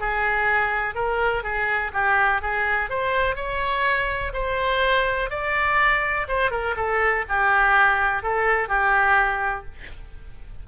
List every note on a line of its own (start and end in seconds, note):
0.00 0.95 G#4
0.95 1.43 A#4
1.43 1.91 G#4
1.93 2.41 G4
2.41 2.90 G#4
2.90 3.35 C5
3.35 4.32 C#5
4.33 5.30 C5
5.30 6.27 D5
6.28 6.51 C5
6.51 6.75 A#4
6.76 7.24 A4
7.28 8.23 G4
8.23 8.68 A4
8.68 9.65 G4